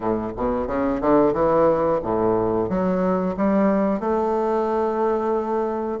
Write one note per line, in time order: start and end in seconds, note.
0.00 0.32 A2
0.36 0.67 B2
0.67 1.00 C#3
1.01 1.33 D3
1.33 2.00 E3
2.02 2.68 A2
2.68 3.35 F#3
3.36 3.99 G3
3.99 5.99 A3